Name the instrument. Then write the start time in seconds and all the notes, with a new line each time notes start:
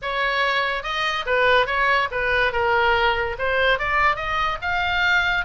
oboe
0.02 C#5
0.83 D#5
1.26 B4
1.66 C#5
2.11 B4
2.52 A#4
3.38 C5
3.78 D5
4.16 D#5
4.61 F5